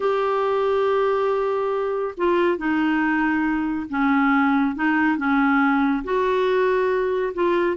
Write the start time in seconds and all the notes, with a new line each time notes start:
0.00 G4
2.17 F4
2.57 D#4
3.89 C#4
4.75 D#4
5.17 C#4
6.03 F#4
7.34 F4